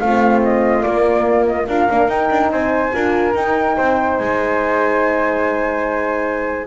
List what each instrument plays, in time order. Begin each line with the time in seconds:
0.00 double bass A3, horn C4, flute F4 F5
0.43 flute D#5
0.83 horn A#3, double bass A#3, flute D5
1.47 flute D#5
1.68 double bass D4, horn F4, flute A#4 F5
1.91 double bass A#3, horn D4
2.08 horn D#4, double bass D#4, flute G5
2.31 double bass D4
2.51 double bass C4, flute C5 G#5
2.93 double bass D4, horn F4, flute A#4
3.35 double bass D#4, horn D#4, flute G5
3.77 double bass C4, flute C5
4.18 double bass G#3, flute G#5